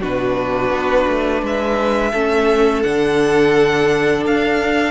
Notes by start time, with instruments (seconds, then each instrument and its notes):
0.00 cello B2, viola D4, violin F#4 B4
0.70 cello B3
1.07 cello A3
1.42 cello G#3, violin B4 E5
2.11 cello A3, viola C#4, violin A4
2.82 cello D3, viola D4, violin F#5
4.25 cello D4, violin F5